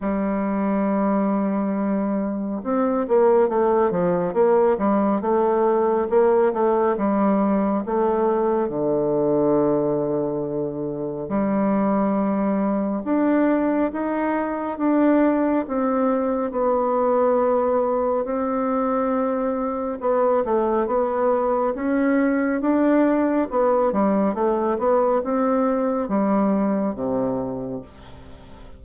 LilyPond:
\new Staff \with { instrumentName = "bassoon" } { \time 4/4 \tempo 4 = 69 g2. c'8 ais8 | a8 f8 ais8 g8 a4 ais8 a8 | g4 a4 d2~ | d4 g2 d'4 |
dis'4 d'4 c'4 b4~ | b4 c'2 b8 a8 | b4 cis'4 d'4 b8 g8 | a8 b8 c'4 g4 c4 | }